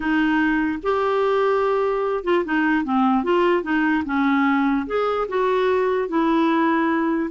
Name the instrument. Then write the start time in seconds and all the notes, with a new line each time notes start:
clarinet
0.00 D#4
0.82 G4
2.24 F4
2.44 D#4
2.84 C4
3.23 F4
3.62 D#4
4.05 C#4
4.86 G#4
5.28 F#4
6.08 E4